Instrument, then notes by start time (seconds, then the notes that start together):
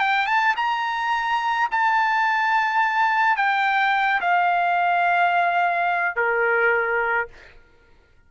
trumpet
0.00 G5
0.27 A5
0.57 A#5
1.72 A5
3.37 G5
4.21 F5
6.16 A#4